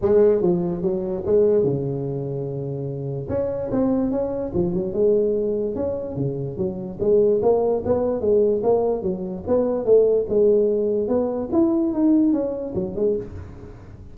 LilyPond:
\new Staff \with { instrumentName = "tuba" } { \time 4/4 \tempo 4 = 146 gis4 f4 fis4 gis4 | cis1 | cis'4 c'4 cis'4 f8 fis8 | gis2 cis'4 cis4 |
fis4 gis4 ais4 b4 | gis4 ais4 fis4 b4 | a4 gis2 b4 | e'4 dis'4 cis'4 fis8 gis8 | }